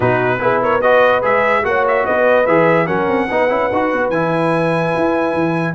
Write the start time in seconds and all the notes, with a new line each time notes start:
0.00 B2 D#4 F#4 B4
0.39 B3 E4 G#4
0.62 A#4 C#5
0.81 F#4 B4 D#5
1.21 G#3 G#4 E5
1.63 A#3 F#4 C#5 F#5
1.87 E5
2.05 B3 B4 D#5
2.46 E3 G#4 E5
2.86 F#3 C#4 A#4 F#5
3.08 C4
3.29 B3 D#4 B4
3.49 C#4 E4
3.72 D#4 F#4
3.92 B3
4.09 E3 E4 G#5
4.96 E4
5.33 E3